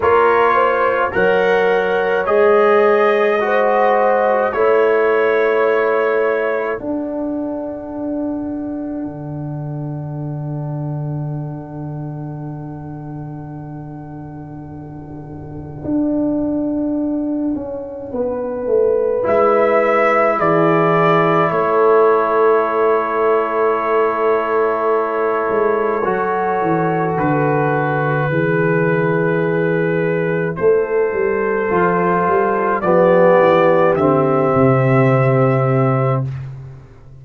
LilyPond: <<
  \new Staff \with { instrumentName = "trumpet" } { \time 4/4 \tempo 4 = 53 cis''4 fis''4 dis''2 | cis''2 fis''2~ | fis''1~ | fis''1~ |
fis''4 e''4 d''4 cis''4~ | cis''1 | b'2. c''4~ | c''4 d''4 e''2 | }
  \new Staff \with { instrumentName = "horn" } { \time 4/4 ais'8 c''8 cis''2 c''4 | cis''2 a'2~ | a'1~ | a'1 |
b'2 gis'4 a'4~ | a'1~ | a'4 gis'2 a'4~ | a'4 g'2. | }
  \new Staff \with { instrumentName = "trombone" } { \time 4/4 f'4 ais'4 gis'4 fis'4 | e'2 d'2~ | d'1~ | d'1~ |
d'4 e'2.~ | e'2. fis'4~ | fis'4 e'2. | f'4 b4 c'2 | }
  \new Staff \with { instrumentName = "tuba" } { \time 4/4 ais4 fis4 gis2 | a2 d'2 | d1~ | d2 d'4. cis'8 |
b8 a8 gis4 e4 a4~ | a2~ a8 gis8 fis8 e8 | d4 e2 a8 g8 | f8 g8 f8 e8 d8 c4. | }
>>